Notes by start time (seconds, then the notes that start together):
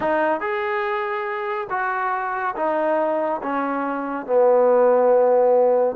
0.00 D#4
0.40 G#4
1.70 F#4
2.56 D#4
3.42 C#4
4.26 B3